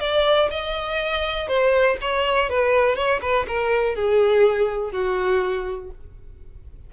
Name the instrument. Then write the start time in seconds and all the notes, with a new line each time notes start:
violin
0.00 D5
0.51 D#5
1.48 C5
2.01 C#5
2.49 B4
2.96 C#5
3.21 B4
3.48 A#4
3.95 G#4
4.92 F#4